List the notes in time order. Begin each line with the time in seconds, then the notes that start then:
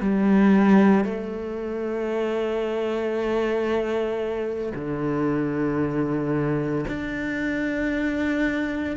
0.00 G3
1.04 A3
4.75 D3
6.88 D4